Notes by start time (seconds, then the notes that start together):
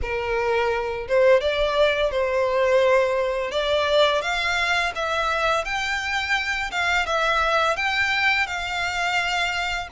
0.02 A#4
1.08 C5
1.41 D5
2.11 C5
3.51 D5
4.21 F5
4.95 E5
5.65 G5
6.71 F5
7.06 E5
7.76 G5
8.46 F5